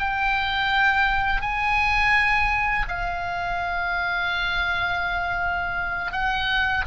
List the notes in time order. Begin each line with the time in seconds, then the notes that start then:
0.00 G5
1.42 G#5
2.89 F5
6.13 F#5